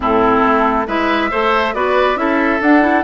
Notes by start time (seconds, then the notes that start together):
0.00 A2 C4 E4 A4
0.42 A3
0.87 G#3 E4 B4 E5
1.30 A3 A4 C5
1.74 B3 F#4 B4 D5
2.15 C#4 E4 A4 E5
2.60 D4 F#5
2.81 E4